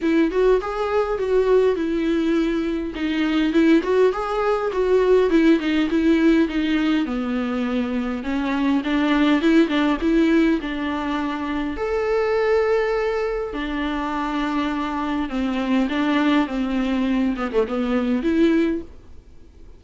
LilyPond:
\new Staff \with { instrumentName = "viola" } { \time 4/4 \tempo 4 = 102 e'8 fis'8 gis'4 fis'4 e'4~ | e'4 dis'4 e'8 fis'8 gis'4 | fis'4 e'8 dis'8 e'4 dis'4 | b2 cis'4 d'4 |
e'8 d'8 e'4 d'2 | a'2. d'4~ | d'2 c'4 d'4 | c'4. b16 a16 b4 e'4 | }